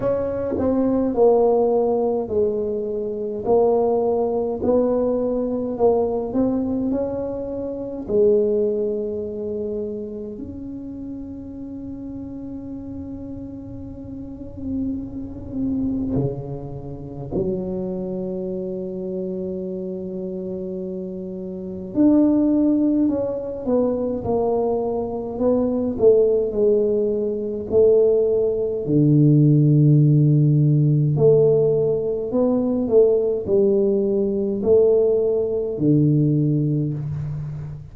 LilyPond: \new Staff \with { instrumentName = "tuba" } { \time 4/4 \tempo 4 = 52 cis'8 c'8 ais4 gis4 ais4 | b4 ais8 c'8 cis'4 gis4~ | gis4 cis'2.~ | cis'2 cis4 fis4~ |
fis2. d'4 | cis'8 b8 ais4 b8 a8 gis4 | a4 d2 a4 | b8 a8 g4 a4 d4 | }